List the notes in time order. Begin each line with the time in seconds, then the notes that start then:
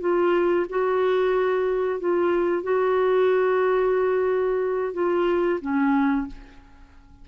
0.00 F4
0.69 F#4
2.00 F4
2.63 F#4
4.93 F4
5.61 C#4